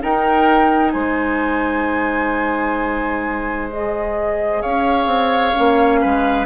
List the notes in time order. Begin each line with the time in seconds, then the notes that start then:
0.00 D#4 A#4 G5
0.91 G#3 C5 G#5
3.69 G#4 D#5
4.61 C#4 C#5 F5
5.06 C4
5.54 A#3 C#4
6.00 G#3 B4